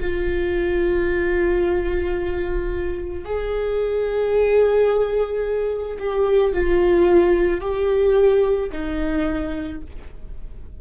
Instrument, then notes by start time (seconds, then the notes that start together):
viola
0.00 F4
3.25 G#4
6.00 G4
6.53 F4
7.61 G4
8.72 D#4